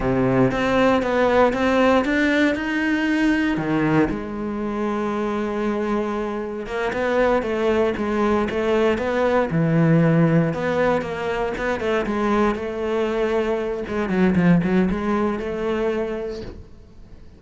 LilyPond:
\new Staff \with { instrumentName = "cello" } { \time 4/4 \tempo 4 = 117 c4 c'4 b4 c'4 | d'4 dis'2 dis4 | gis1~ | gis4 ais8 b4 a4 gis8~ |
gis8 a4 b4 e4.~ | e8 b4 ais4 b8 a8 gis8~ | gis8 a2~ a8 gis8 fis8 | f8 fis8 gis4 a2 | }